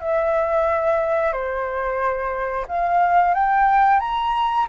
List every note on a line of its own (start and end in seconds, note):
0.00 1.32 E5
1.32 2.65 C5
2.67 3.34 F5
3.34 3.99 G5
3.99 4.66 A#5